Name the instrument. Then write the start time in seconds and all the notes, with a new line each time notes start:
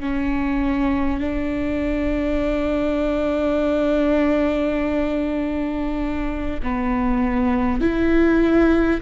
viola
0.00 C#4
1.20 D4
6.63 B3
7.81 E4